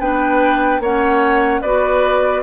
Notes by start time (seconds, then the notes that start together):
0.00 B3 D4 B4 G5
0.80 A#3 C#4 C#5 F#5
1.61 B3 F#4 B4 D5